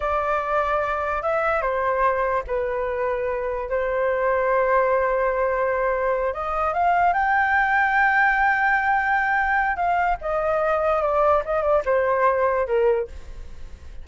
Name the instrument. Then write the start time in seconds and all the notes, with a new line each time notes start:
flute
0.00 D5
1.22 E5
1.61 C5
2.47 B4
3.69 C5
6.33 D#5
6.73 F5
7.13 G5
9.76 F5
10.21 D#5
11.02 D5
11.45 D#5
11.62 D5
11.85 C5
12.66 A#4